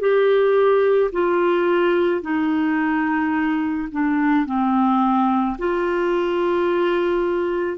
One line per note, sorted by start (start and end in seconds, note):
0.00 1.11 G4
1.13 2.22 F4
2.22 3.88 D#4
3.92 4.46 D4
4.46 5.57 C4
5.59 7.78 F4